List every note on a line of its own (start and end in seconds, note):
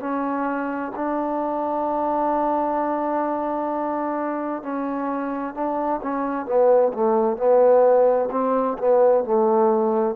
0.00 0.92 C#4
0.95 4.63 D4
4.63 5.54 C#4
5.54 6.00 D4
6.03 6.46 C#4
6.46 6.92 B3
6.94 7.37 A3
7.37 8.29 B3
8.31 8.77 C4
8.78 9.24 B3
9.24 10.16 A3